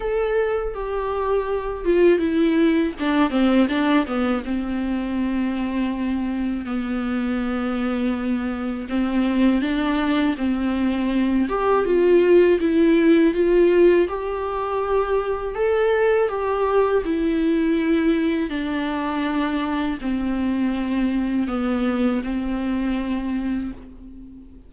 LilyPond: \new Staff \with { instrumentName = "viola" } { \time 4/4 \tempo 4 = 81 a'4 g'4. f'8 e'4 | d'8 c'8 d'8 b8 c'2~ | c'4 b2. | c'4 d'4 c'4. g'8 |
f'4 e'4 f'4 g'4~ | g'4 a'4 g'4 e'4~ | e'4 d'2 c'4~ | c'4 b4 c'2 | }